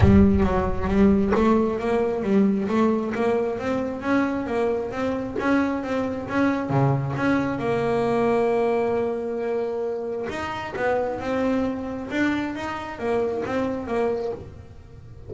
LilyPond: \new Staff \with { instrumentName = "double bass" } { \time 4/4 \tempo 4 = 134 g4 fis4 g4 a4 | ais4 g4 a4 ais4 | c'4 cis'4 ais4 c'4 | cis'4 c'4 cis'4 cis4 |
cis'4 ais2.~ | ais2. dis'4 | b4 c'2 d'4 | dis'4 ais4 c'4 ais4 | }